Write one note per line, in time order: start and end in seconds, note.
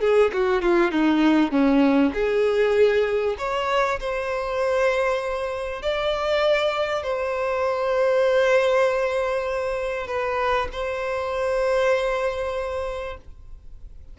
0.00 0.31 G#4
0.33 0.61 F#4
0.61 0.91 F4
0.91 1.51 D#4
1.51 2.12 C#4
2.13 3.36 G#4
3.38 3.99 C#5
3.99 5.82 C5
5.82 7.02 D5
7.02 10.07 C5
10.07 10.68 B4
10.72 13.17 C5